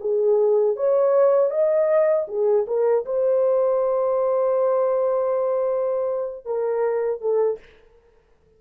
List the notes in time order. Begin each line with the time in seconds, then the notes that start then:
0.00 G#4
0.76 C#5
1.50 D#5
2.28 G#4
2.67 A#4
3.05 C5
6.45 A#4
7.21 A4